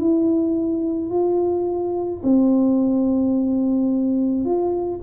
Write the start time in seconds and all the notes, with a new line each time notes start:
0.00 E4
1.11 F4
2.24 C4
4.45 F4